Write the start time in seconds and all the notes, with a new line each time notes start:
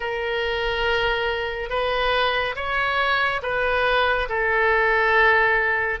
0.00 A#4
1.69 B4
2.55 C#5
3.42 B4
4.28 A4